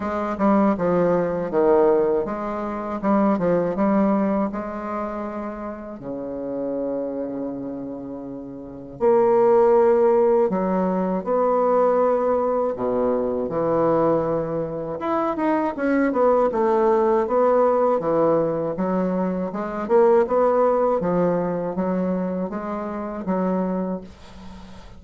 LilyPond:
\new Staff \with { instrumentName = "bassoon" } { \time 4/4 \tempo 4 = 80 gis8 g8 f4 dis4 gis4 | g8 f8 g4 gis2 | cis1 | ais2 fis4 b4~ |
b4 b,4 e2 | e'8 dis'8 cis'8 b8 a4 b4 | e4 fis4 gis8 ais8 b4 | f4 fis4 gis4 fis4 | }